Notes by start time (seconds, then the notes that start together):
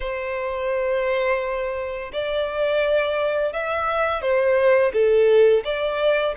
0.00 C5
2.12 D5
3.52 E5
4.21 C5
4.93 A4
5.64 D5